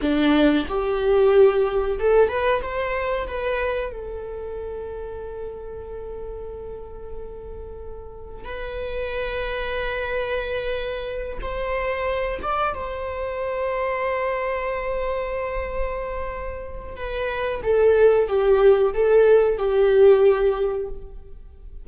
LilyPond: \new Staff \with { instrumentName = "viola" } { \time 4/4 \tempo 4 = 92 d'4 g'2 a'8 b'8 | c''4 b'4 a'2~ | a'1~ | a'4 b'2.~ |
b'4. c''4. d''8 c''8~ | c''1~ | c''2 b'4 a'4 | g'4 a'4 g'2 | }